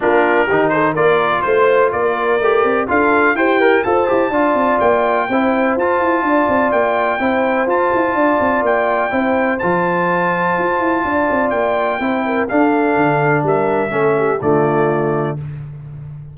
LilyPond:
<<
  \new Staff \with { instrumentName = "trumpet" } { \time 4/4 \tempo 4 = 125 ais'4. c''8 d''4 c''4 | d''2 f''4 g''4 | a''2 g''2 | a''2 g''2 |
a''2 g''2 | a''1 | g''2 f''2 | e''2 d''2 | }
  \new Staff \with { instrumentName = "horn" } { \time 4/4 f'4 g'8 a'8 ais'4 c''4 | ais'2 a'4 g'4 | c''4 d''2 c''4~ | c''4 d''2 c''4~ |
c''4 d''2 c''4~ | c''2. d''4~ | d''4 c''8 ais'8 a'2 | ais'4 a'8 g'8 f'2 | }
  \new Staff \with { instrumentName = "trombone" } { \time 4/4 d'4 dis'4 f'2~ | f'4 g'4 f'4 c''8 ais'8 | a'8 g'8 f'2 e'4 | f'2. e'4 |
f'2. e'4 | f'1~ | f'4 e'4 d'2~ | d'4 cis'4 a2 | }
  \new Staff \with { instrumentName = "tuba" } { \time 4/4 ais4 dis4 ais4 a4 | ais4 a8 c'8 d'4 e'4 | f'8 e'8 d'8 c'8 ais4 c'4 | f'8 e'8 d'8 c'8 ais4 c'4 |
f'8 e'8 d'8 c'8 ais4 c'4 | f2 f'8 e'8 d'8 c'8 | ais4 c'4 d'4 d4 | g4 a4 d2 | }
>>